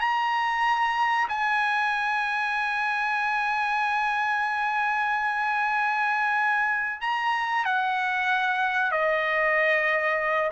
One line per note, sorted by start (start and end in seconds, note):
0.00 1.28 A#5
1.28 7.01 G#5
7.01 7.65 A#5
7.65 8.91 F#5
8.91 10.51 D#5